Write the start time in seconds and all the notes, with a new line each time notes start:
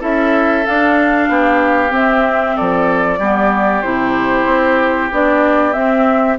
0.00 C#4 E4 A4 E5
0.66 D4 F5
1.29 B3 G4
1.90 C4 E5
2.56 F3 A4 D5
3.19 G3 B3 G4
3.82 C3 E4 C5
4.46 C4
5.11 B3 D4 D5
5.73 C4 E5